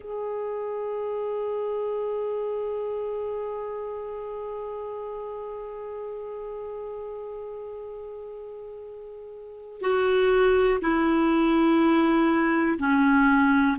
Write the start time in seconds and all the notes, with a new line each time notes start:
0.00 G#4
9.81 F#4
10.82 E4
12.78 C#4